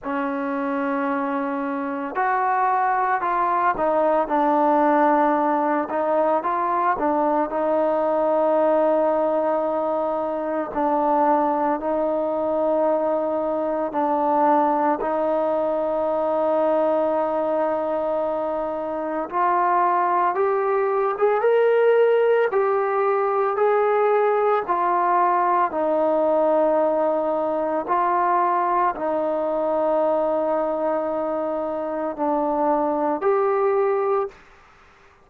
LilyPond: \new Staff \with { instrumentName = "trombone" } { \time 4/4 \tempo 4 = 56 cis'2 fis'4 f'8 dis'8 | d'4. dis'8 f'8 d'8 dis'4~ | dis'2 d'4 dis'4~ | dis'4 d'4 dis'2~ |
dis'2 f'4 g'8. gis'16 | ais'4 g'4 gis'4 f'4 | dis'2 f'4 dis'4~ | dis'2 d'4 g'4 | }